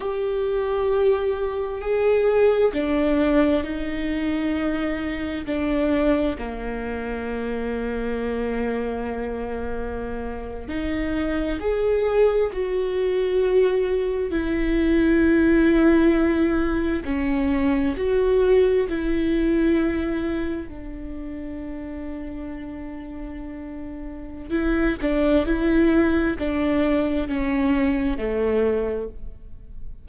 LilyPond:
\new Staff \with { instrumentName = "viola" } { \time 4/4 \tempo 4 = 66 g'2 gis'4 d'4 | dis'2 d'4 ais4~ | ais2.~ ais8. dis'16~ | dis'8. gis'4 fis'2 e'16~ |
e'2~ e'8. cis'4 fis'16~ | fis'8. e'2 d'4~ d'16~ | d'2. e'8 d'8 | e'4 d'4 cis'4 a4 | }